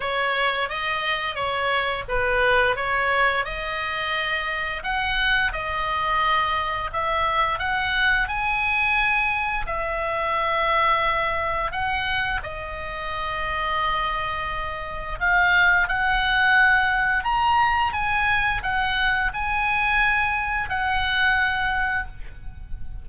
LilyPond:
\new Staff \with { instrumentName = "oboe" } { \time 4/4 \tempo 4 = 87 cis''4 dis''4 cis''4 b'4 | cis''4 dis''2 fis''4 | dis''2 e''4 fis''4 | gis''2 e''2~ |
e''4 fis''4 dis''2~ | dis''2 f''4 fis''4~ | fis''4 ais''4 gis''4 fis''4 | gis''2 fis''2 | }